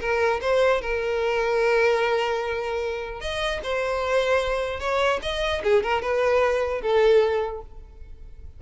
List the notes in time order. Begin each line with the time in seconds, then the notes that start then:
0.00 A#4
0.41 C5
0.81 A#4
3.20 D#5
3.63 C5
4.80 C#5
5.22 D#5
5.63 G#4
5.83 A#4
6.02 B4
6.81 A4